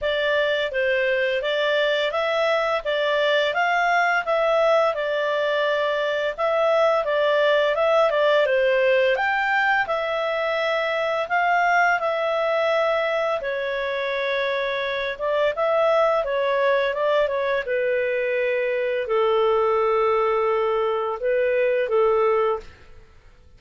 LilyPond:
\new Staff \with { instrumentName = "clarinet" } { \time 4/4 \tempo 4 = 85 d''4 c''4 d''4 e''4 | d''4 f''4 e''4 d''4~ | d''4 e''4 d''4 e''8 d''8 | c''4 g''4 e''2 |
f''4 e''2 cis''4~ | cis''4. d''8 e''4 cis''4 | d''8 cis''8 b'2 a'4~ | a'2 b'4 a'4 | }